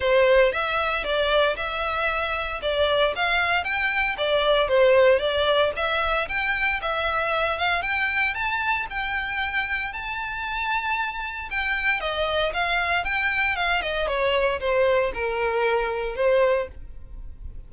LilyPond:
\new Staff \with { instrumentName = "violin" } { \time 4/4 \tempo 4 = 115 c''4 e''4 d''4 e''4~ | e''4 d''4 f''4 g''4 | d''4 c''4 d''4 e''4 | g''4 e''4. f''8 g''4 |
a''4 g''2 a''4~ | a''2 g''4 dis''4 | f''4 g''4 f''8 dis''8 cis''4 | c''4 ais'2 c''4 | }